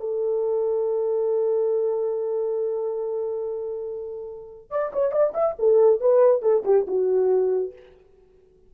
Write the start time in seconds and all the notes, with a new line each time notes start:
0.00 A4
4.70 D5
4.93 C#5
5.12 D5
5.34 E5
5.59 A4
6.01 B4
6.42 A4
6.65 G4
6.87 F#4